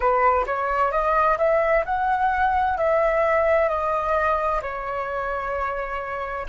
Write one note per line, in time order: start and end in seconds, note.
0.00 0.45 B4
0.46 0.91 C#5
0.91 1.37 D#5
1.38 1.84 E5
1.85 2.77 F#5
2.77 3.68 E5
3.68 4.61 D#5
4.62 6.46 C#5